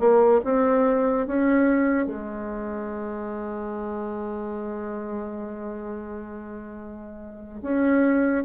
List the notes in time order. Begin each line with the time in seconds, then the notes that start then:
0.00 A#3
0.45 C4
1.27 C#4
2.07 G#3
7.63 C#4